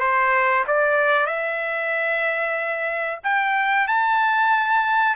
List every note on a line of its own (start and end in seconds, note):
0.00 0.65 C5
0.67 1.26 D5
1.26 3.20 E5
3.23 3.87 G5
3.87 5.16 A5